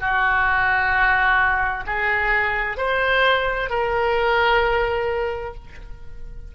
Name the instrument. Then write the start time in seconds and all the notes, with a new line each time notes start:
oboe
0.00 F#4
1.87 G#4
2.78 C5
3.70 A#4